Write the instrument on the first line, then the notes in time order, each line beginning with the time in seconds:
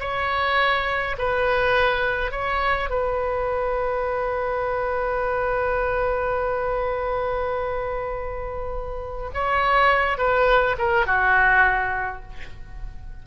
oboe
0.00 C#5
1.18 B4
2.31 C#5
2.90 B4
9.34 C#5
10.18 B4
10.78 A#4
11.06 F#4